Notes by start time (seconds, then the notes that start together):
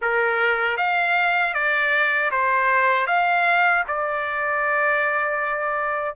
0.01 A#4
0.77 F5
1.53 D5
2.31 C5
3.07 F5
3.87 D5